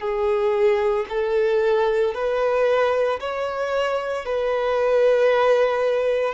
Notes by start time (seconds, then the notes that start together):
0.00 G#4
1.09 A4
2.14 B4
3.20 C#5
4.25 B4